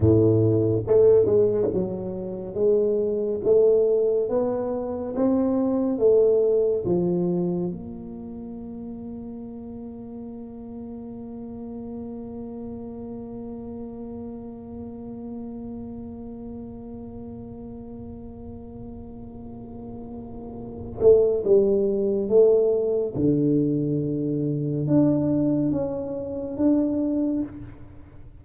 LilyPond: \new Staff \with { instrumentName = "tuba" } { \time 4/4 \tempo 4 = 70 a,4 a8 gis8 fis4 gis4 | a4 b4 c'4 a4 | f4 ais2.~ | ais1~ |
ais1~ | ais1~ | ais8 a8 g4 a4 d4~ | d4 d'4 cis'4 d'4 | }